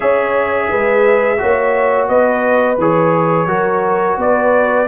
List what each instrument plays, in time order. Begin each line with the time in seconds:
0.00 tuba C#4, trombone G#4, horn C#5, trumpet E5
0.69 tuba G#3, horn B4
1.37 tuba A#3, trombone F#4, horn C#5
2.08 tuba B3, horn B4, trumpet D#5
2.77 tuba E3, trombone G#4, trumpet C#5
3.47 tuba F#3, trombone F#4, horn A#4
4.17 tuba B3, horn B4, trumpet D5